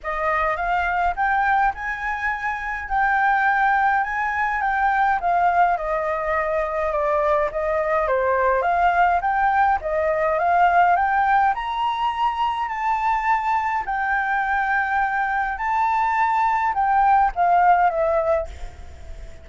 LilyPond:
\new Staff \with { instrumentName = "flute" } { \time 4/4 \tempo 4 = 104 dis''4 f''4 g''4 gis''4~ | gis''4 g''2 gis''4 | g''4 f''4 dis''2 | d''4 dis''4 c''4 f''4 |
g''4 dis''4 f''4 g''4 | ais''2 a''2 | g''2. a''4~ | a''4 g''4 f''4 e''4 | }